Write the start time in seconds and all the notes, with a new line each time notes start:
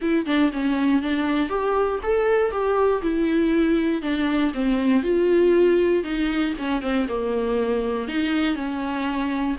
0.01 E4
0.26 D4
0.52 C#4
1.02 D4
1.49 G4
2.03 A4
2.51 G4
3.02 E4
4.02 D4
4.54 C4
5.02 F4
6.03 D#4
6.58 C#4
6.81 C4
7.08 A#3
8.08 D#4
8.55 C#4